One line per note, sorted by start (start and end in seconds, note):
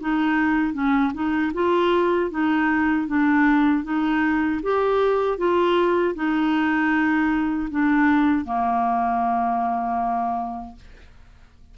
0.00 0.73 D#4
0.73 1.12 C#4
1.14 1.52 D#4
1.54 2.31 F4
2.31 3.07 D#4
3.07 3.84 D4
3.84 4.61 D#4
4.63 5.38 G4
5.38 6.15 F4
6.15 7.69 D#4
7.71 8.45 D4
8.45 10.76 A#3